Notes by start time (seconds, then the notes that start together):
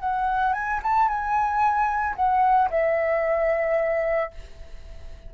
0.00 F#5
0.54 G#5
0.83 A5
1.08 G#5
2.16 F#5
2.70 E5